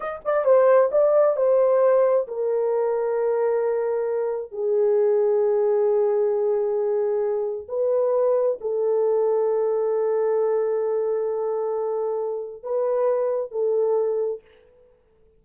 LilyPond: \new Staff \with { instrumentName = "horn" } { \time 4/4 \tempo 4 = 133 dis''8 d''8 c''4 d''4 c''4~ | c''4 ais'2.~ | ais'2 gis'2~ | gis'1~ |
gis'4 b'2 a'4~ | a'1~ | a'1 | b'2 a'2 | }